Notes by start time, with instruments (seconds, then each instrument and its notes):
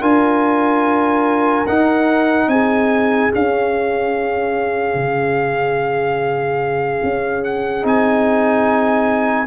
0.00 tuba D4, trombone F4, horn A#4, trumpet G#5
1.66 tuba D#4, trombone D#4, trumpet F#5
2.47 tuba C4, horn G#4, trumpet G#5
3.30 trombone C#4, tuba C#4, trumpet F5
4.94 tuba C#3
7.03 tuba C#4
7.44 trumpet F#5
7.82 tuba C4, trombone D#4, trumpet G#5